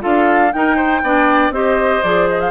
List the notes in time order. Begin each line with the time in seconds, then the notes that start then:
0.00 D4 F4 A4 F5
0.52 D#4 A#4 G5
0.76 C5
1.02 B3 D4 D5
1.50 C4 G4 C5 D#5
2.02 F3 G#4 D5
2.29 D#5
2.40 F5